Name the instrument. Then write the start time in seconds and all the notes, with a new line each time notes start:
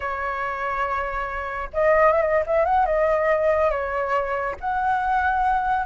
flute
0.00 C#5
1.73 D#5
2.12 E5
2.21 D#5
2.46 E5
2.65 F#5
2.85 D#5
3.70 C#5
4.60 F#5